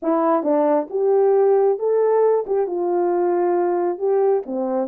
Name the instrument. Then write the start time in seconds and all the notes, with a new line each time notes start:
horn
0.02 E4
0.43 D4
0.90 G4
1.78 A4
2.46 G4
2.67 F4
3.98 G4
4.45 C4